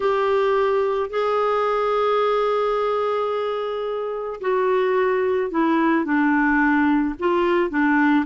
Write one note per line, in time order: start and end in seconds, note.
0.00 1.10 G4
1.10 4.40 G#4
4.40 5.50 F#4
5.50 6.04 E4
6.04 7.14 D4
7.19 7.70 F4
7.70 8.25 D4